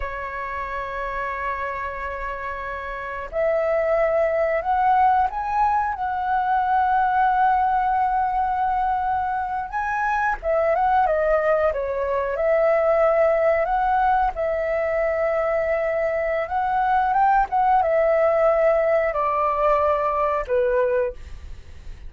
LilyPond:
\new Staff \with { instrumentName = "flute" } { \time 4/4 \tempo 4 = 91 cis''1~ | cis''4 e''2 fis''4 | gis''4 fis''2.~ | fis''2~ fis''8. gis''4 e''16~ |
e''16 fis''8 dis''4 cis''4 e''4~ e''16~ | e''8. fis''4 e''2~ e''16~ | e''4 fis''4 g''8 fis''8 e''4~ | e''4 d''2 b'4 | }